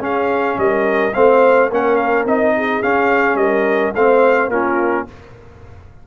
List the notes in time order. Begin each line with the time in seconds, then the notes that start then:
0.00 C#4 G#4 F5
0.58 G3 A#4 D#5
1.14 A3 C4 C5 F5
1.70 A#3 C#4 A#4 F#5
1.96 F5
2.26 C4 D#4 D#5
2.57 G#4
2.83 C#4 F5
3.35 G3 A#4 D#5
3.95 A3 C4 C5 F5
4.48 A#3 C#4 F4 A#4